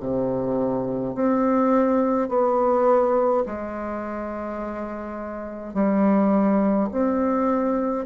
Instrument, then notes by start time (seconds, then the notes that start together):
bassoon
0.00 C3
1.15 C4
2.29 B3
3.46 G#3
5.74 G3
6.92 C4